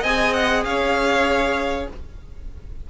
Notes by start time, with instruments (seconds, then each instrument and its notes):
0.00 cello C4, viola G#4, violin D#5 G#5
0.33 violin F#5
0.65 cello C#4, violin C#5 F5